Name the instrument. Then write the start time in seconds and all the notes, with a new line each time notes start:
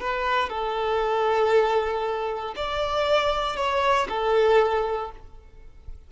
violin
0.00 B4
0.49 A4
2.56 D5
3.56 C#5
4.09 A4